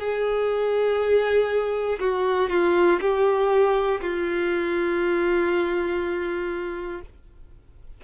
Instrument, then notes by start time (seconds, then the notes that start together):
violin
0.00 G#4
2.00 F#4
2.50 F4
3.01 G4
4.02 F4